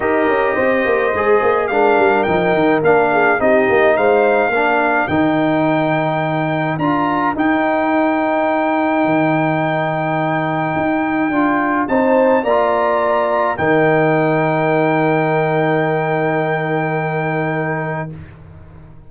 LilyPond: <<
  \new Staff \with { instrumentName = "trumpet" } { \time 4/4 \tempo 4 = 106 dis''2. f''4 | g''4 f''4 dis''4 f''4~ | f''4 g''2. | ais''4 g''2.~ |
g''1~ | g''4 a''4 ais''2 | g''1~ | g''1 | }
  \new Staff \with { instrumentName = "horn" } { \time 4/4 ais'4 c''2 ais'4~ | ais'4. gis'8 g'4 c''4 | ais'1~ | ais'1~ |
ais'1~ | ais'4 c''4 d''2 | ais'1~ | ais'1 | }
  \new Staff \with { instrumentName = "trombone" } { \time 4/4 g'2 gis'4 d'4 | dis'4 d'4 dis'2 | d'4 dis'2. | f'4 dis'2.~ |
dis'1 | f'4 dis'4 f'2 | dis'1~ | dis'1 | }
  \new Staff \with { instrumentName = "tuba" } { \time 4/4 dis'8 cis'8 c'8 ais8 gis8 ais8 gis8 g8 | f8 dis8 ais4 c'8 ais8 gis4 | ais4 dis2. | d'4 dis'2. |
dis2. dis'4 | d'4 c'4 ais2 | dis1~ | dis1 | }
>>